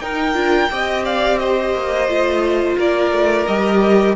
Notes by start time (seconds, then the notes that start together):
0.00 D#4 A#4 G5
0.34 D4 F4
0.71 C4 G4 D#5
1.05 D5 F5
1.39 C5 D#5
1.74 A#3
2.08 A3 F4
2.78 A#3 A#4 D5
3.11 A3
3.46 G3 G4 D#5